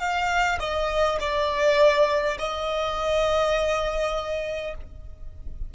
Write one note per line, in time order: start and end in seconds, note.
0.00 0.59 F5
0.59 1.18 D#5
1.20 2.37 D5
2.39 4.74 D#5